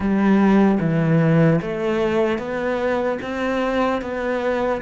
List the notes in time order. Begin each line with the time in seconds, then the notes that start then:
0.00 G3
0.80 E3
1.61 A3
2.38 B3
3.22 C4
4.01 B3